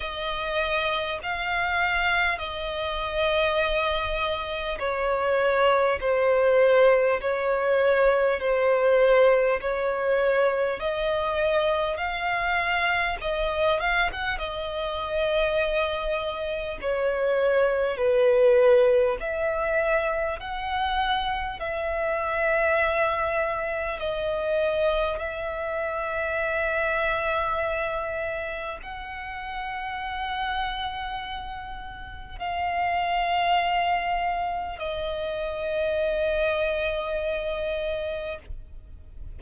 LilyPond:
\new Staff \with { instrumentName = "violin" } { \time 4/4 \tempo 4 = 50 dis''4 f''4 dis''2 | cis''4 c''4 cis''4 c''4 | cis''4 dis''4 f''4 dis''8 f''16 fis''16 | dis''2 cis''4 b'4 |
e''4 fis''4 e''2 | dis''4 e''2. | fis''2. f''4~ | f''4 dis''2. | }